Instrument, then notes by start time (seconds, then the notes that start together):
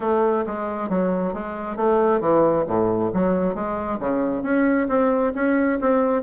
bassoon
0.00 A3
0.46 G#3
0.89 F#3
1.33 G#3
1.76 A3
2.20 E3
2.67 A2
3.13 F#3
3.54 G#3
3.99 C#3
4.43 C#4
4.88 C4
5.34 C#4
5.80 C4